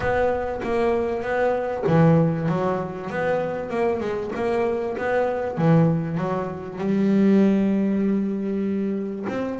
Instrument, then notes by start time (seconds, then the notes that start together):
double bass
0.00 B3
0.63 A#3
1.22 B3
1.87 E3
2.48 F#3
3.10 B3
3.70 A#3
4.00 G#3
4.35 A#3
4.97 B3
5.57 E3
6.17 F#3
6.78 G3
9.28 C4